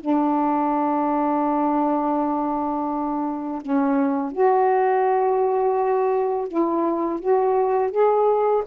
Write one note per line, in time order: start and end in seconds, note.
0.00 3.61 D4
3.61 4.31 C#4
4.31 6.47 F#4
6.47 7.20 E4
7.20 7.91 F#4
7.91 8.63 G#4